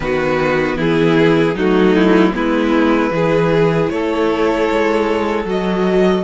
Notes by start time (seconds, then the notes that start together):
0.00 D#3 B3 F#4 B4
0.76 E3 E4 G#4
1.54 F#3 A3 D#4 F#4
1.96 E4
2.32 G#3 B3 E4 B4
3.10 E3 E4 G#4
3.89 A3 A4 C#5
4.71 G#3
5.44 F#3 F#4 D#5